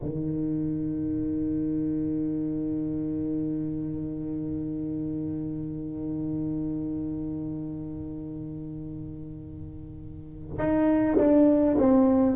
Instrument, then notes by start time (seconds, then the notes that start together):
tuba
0.02 D#3
10.58 D#4
11.17 D4
11.77 C4